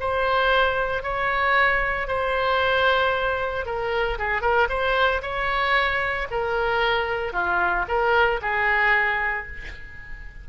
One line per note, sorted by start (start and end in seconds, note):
0.00 1.03 C5
1.03 2.08 C#5
2.08 3.66 C5
3.66 4.18 A#4
4.18 4.42 G#4
4.42 4.68 A#4
4.69 5.22 C5
5.22 6.28 C#5
6.31 7.33 A#4
7.33 7.86 F4
7.88 8.41 A#4
8.42 9.47 G#4